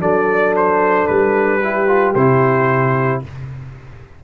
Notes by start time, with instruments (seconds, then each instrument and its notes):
0.00 tuba F#3, trombone D4, horn A4, trumpet D5
0.56 trumpet C5
1.07 tuba G3, trumpet B4
1.62 trombone E4, horn G4
1.87 trombone F4
2.15 tuba C3, trombone E4, trumpet C5